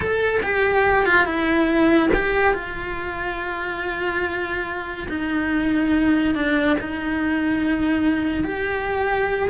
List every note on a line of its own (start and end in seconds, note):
0.00 0.40 A4
0.42 1.05 G4
1.05 1.25 F4
1.25 2.09 E4
2.13 2.54 G4
2.54 5.07 F4
5.08 6.34 D#4
6.34 6.76 D4
6.80 8.44 D#4
8.44 9.49 G4